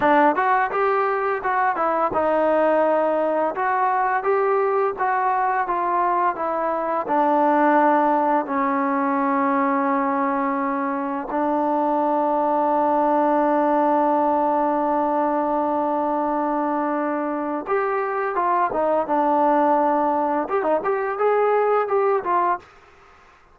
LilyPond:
\new Staff \with { instrumentName = "trombone" } { \time 4/4 \tempo 4 = 85 d'8 fis'8 g'4 fis'8 e'8 dis'4~ | dis'4 fis'4 g'4 fis'4 | f'4 e'4 d'2 | cis'1 |
d'1~ | d'1~ | d'4 g'4 f'8 dis'8 d'4~ | d'4 g'16 dis'16 g'8 gis'4 g'8 f'8 | }